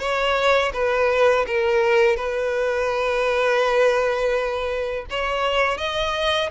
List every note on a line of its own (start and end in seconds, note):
0.00 0.72 C#5
0.73 1.46 B4
1.47 2.17 A#4
2.17 5.06 B4
5.10 5.78 C#5
5.78 6.50 D#5